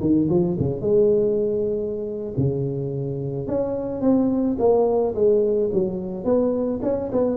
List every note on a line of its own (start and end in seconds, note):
0.00 0.28 D#3
0.29 0.57 F3
0.59 0.81 C#3
0.81 2.33 G#3
2.37 3.47 C#3
3.47 4.01 C#4
4.01 4.57 C4
4.59 5.14 A#3
5.14 5.70 G#3
5.72 6.24 F#3
6.24 6.80 B3
6.82 7.10 C#4
7.12 7.36 B3